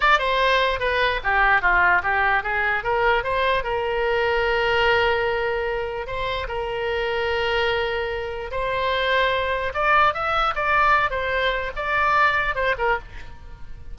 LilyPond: \new Staff \with { instrumentName = "oboe" } { \time 4/4 \tempo 4 = 148 d''8 c''4. b'4 g'4 | f'4 g'4 gis'4 ais'4 | c''4 ais'2.~ | ais'2. c''4 |
ais'1~ | ais'4 c''2. | d''4 e''4 d''4. c''8~ | c''4 d''2 c''8 ais'8 | }